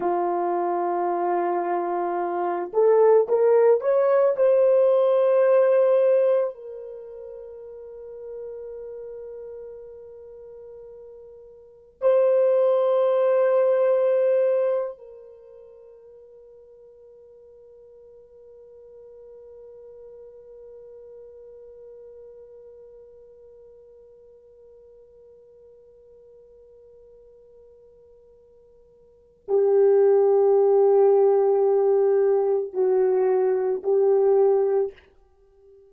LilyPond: \new Staff \with { instrumentName = "horn" } { \time 4/4 \tempo 4 = 55 f'2~ f'8 a'8 ais'8 cis''8 | c''2 ais'2~ | ais'2. c''4~ | c''4.~ c''16 ais'2~ ais'16~ |
ais'1~ | ais'1~ | ais'2. g'4~ | g'2 fis'4 g'4 | }